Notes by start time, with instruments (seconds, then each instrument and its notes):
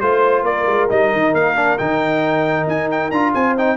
0.00 tuba A3, trombone F4, trumpet C5, horn C5
0.43 tuba A#3, horn A#4, trumpet D5
0.66 tuba G#3
0.89 tuba G3, trombone D#4, trumpet D#5
1.13 tuba D#3
1.34 tuba A#3, trumpet F5
1.56 trombone D4
1.78 tuba D#3, trombone D#4, trumpet G5
2.67 tuba D#4, trumpet G#5
2.91 trumpet G5
3.11 tuba D4, trombone F4, trumpet A#5
3.34 tuba C4, horn C5, trumpet G#5
3.57 trombone D#4, trumpet G5